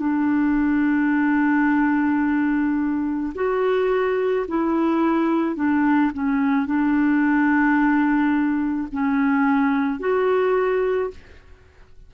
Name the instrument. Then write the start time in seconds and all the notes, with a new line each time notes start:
clarinet
0.00 D4
3.35 F#4
4.48 E4
5.56 D4
6.14 C#4
6.66 D4
8.92 C#4
9.99 F#4